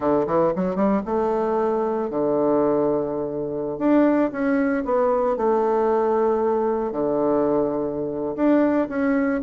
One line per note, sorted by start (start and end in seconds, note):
0.00 0.26 D3
0.27 0.53 E3
0.55 0.75 F#3
0.75 1.01 G3
1.05 2.09 A3
2.10 3.78 D3
3.78 4.30 D4
4.32 4.84 C#4
4.84 5.36 B3
5.36 6.92 A3
6.92 8.35 D3
8.35 8.88 D4
8.89 9.41 C#4